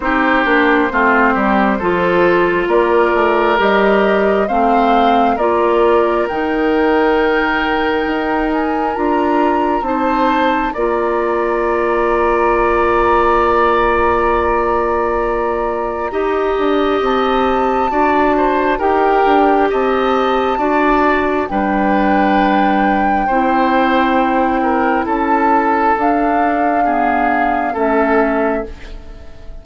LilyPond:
<<
  \new Staff \with { instrumentName = "flute" } { \time 4/4 \tempo 4 = 67 c''2. d''4 | dis''4 f''4 d''4 g''4~ | g''4. gis''8 ais''4 a''4 | ais''1~ |
ais''2. a''4~ | a''4 g''4 a''2 | g''1 | a''4 f''2 e''4 | }
  \new Staff \with { instrumentName = "oboe" } { \time 4/4 g'4 f'8 g'8 a'4 ais'4~ | ais'4 c''4 ais'2~ | ais'2. c''4 | d''1~ |
d''2 dis''2 | d''8 c''8 ais'4 dis''4 d''4 | b'2 c''4. ais'8 | a'2 gis'4 a'4 | }
  \new Staff \with { instrumentName = "clarinet" } { \time 4/4 dis'8 d'8 c'4 f'2 | g'4 c'4 f'4 dis'4~ | dis'2 f'4 dis'4 | f'1~ |
f'2 g'2 | fis'4 g'2 fis'4 | d'2 e'2~ | e'4 d'4 b4 cis'4 | }
  \new Staff \with { instrumentName = "bassoon" } { \time 4/4 c'8 ais8 a8 g8 f4 ais8 a8 | g4 a4 ais4 dis4~ | dis4 dis'4 d'4 c'4 | ais1~ |
ais2 dis'8 d'8 c'4 | d'4 dis'8 d'8 c'4 d'4 | g2 c'2 | cis'4 d'2 a4 | }
>>